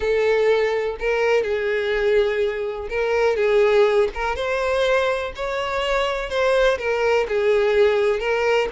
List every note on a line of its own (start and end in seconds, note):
0.00 0.96 A4
0.99 1.43 A#4
1.43 2.88 G#4
2.89 3.36 A#4
3.36 4.08 G#4
4.14 4.35 A#4
4.35 5.32 C5
5.35 6.29 C#5
6.29 6.77 C5
6.78 7.26 A#4
7.28 8.19 G#4
8.19 8.67 A#4